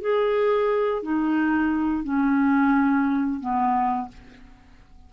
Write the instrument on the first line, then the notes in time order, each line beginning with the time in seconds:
clarinet
0.00 G#4
1.02 D#4
2.03 C#4
3.40 B3